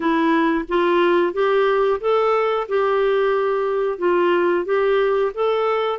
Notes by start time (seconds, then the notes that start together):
0.00 E4
0.68 F4
1.33 G4
2.00 A4
2.68 G4
3.98 F4
4.65 G4
5.34 A4